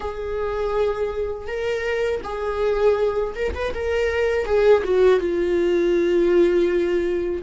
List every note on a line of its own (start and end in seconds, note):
0.00 1.47 G#4
1.47 2.21 A#4
2.23 3.34 G#4
3.35 3.54 A#4
3.54 3.73 B4
3.73 4.45 A#4
4.45 4.82 G#4
4.84 5.20 F#4
5.20 7.42 F4